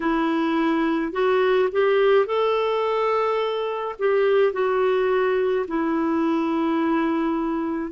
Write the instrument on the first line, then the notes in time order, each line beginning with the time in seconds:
clarinet
0.00 E4
1.12 F#4
1.72 G4
2.25 A4
3.99 G4
4.52 F#4
5.67 E4